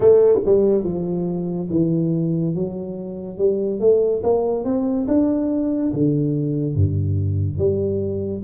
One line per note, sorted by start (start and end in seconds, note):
0.00 0.38 A3
0.45 0.83 G3
0.83 1.68 F3
1.70 2.54 E3
2.54 3.38 F#3
3.38 3.80 G3
3.80 4.22 A3
4.23 4.64 A#3
4.64 5.06 C4
5.07 5.92 D4
5.93 6.75 D3
6.75 7.58 G2
7.58 8.42 G3